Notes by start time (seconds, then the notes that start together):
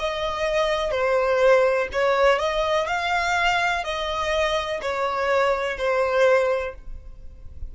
0.00 D#5
0.91 C5
1.93 C#5
2.39 D#5
2.88 F5
3.84 D#5
4.82 C#5
5.78 C5